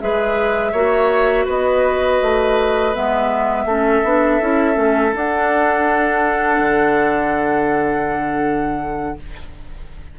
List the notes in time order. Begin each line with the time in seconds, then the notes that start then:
0.00 G#3 G#4 B4 E5
0.72 A#3 F#4 C#5
1.45 B3 B4 D#5
2.22 A3
2.94 G#3 B3 E5
3.65 A3 C#4 A4
4.04 B3 D4
4.41 C#4 E4
4.74 A3 C#4
5.13 D4 F#5
6.59 D3